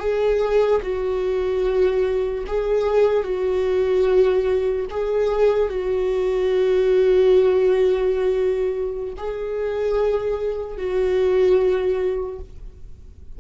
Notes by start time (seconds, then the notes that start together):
0.00 G#4
0.83 F#4
2.47 G#4
3.24 F#4
4.91 G#4
5.69 F#4
9.17 G#4
10.78 F#4